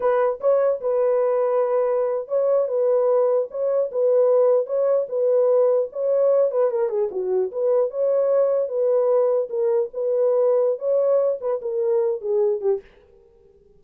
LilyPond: \new Staff \with { instrumentName = "horn" } { \time 4/4 \tempo 4 = 150 b'4 cis''4 b'2~ | b'4.~ b'16 cis''4 b'4~ b'16~ | b'8. cis''4 b'2 cis''16~ | cis''8. b'2 cis''4~ cis''16~ |
cis''16 b'8 ais'8 gis'8 fis'4 b'4 cis''16~ | cis''4.~ cis''16 b'2 ais'16~ | ais'8. b'2~ b'16 cis''4~ | cis''8 b'8 ais'4. gis'4 g'8 | }